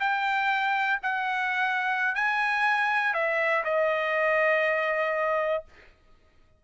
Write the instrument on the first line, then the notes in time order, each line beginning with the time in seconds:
trumpet
0.00 G5
1.03 F#5
2.15 G#5
3.14 E5
3.64 D#5